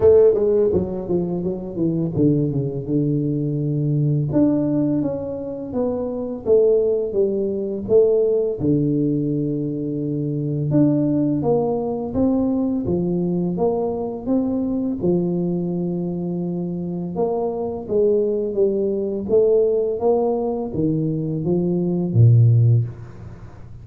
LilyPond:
\new Staff \with { instrumentName = "tuba" } { \time 4/4 \tempo 4 = 84 a8 gis8 fis8 f8 fis8 e8 d8 cis8 | d2 d'4 cis'4 | b4 a4 g4 a4 | d2. d'4 |
ais4 c'4 f4 ais4 | c'4 f2. | ais4 gis4 g4 a4 | ais4 dis4 f4 ais,4 | }